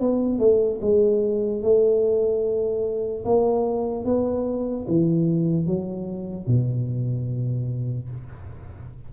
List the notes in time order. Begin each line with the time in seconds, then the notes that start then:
0.00 B3
0.39 A3
0.81 G#3
1.62 A3
3.24 A#3
4.05 B3
4.87 E3
5.66 F#3
6.47 B2